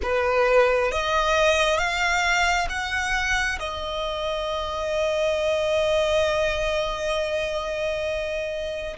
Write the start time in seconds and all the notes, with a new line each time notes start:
0.02 B4
0.91 D#5
1.78 F5
2.69 F#5
3.59 D#5